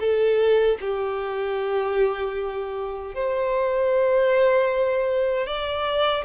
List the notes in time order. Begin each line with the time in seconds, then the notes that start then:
0.00 A4
0.81 G4
3.15 C5
5.47 D5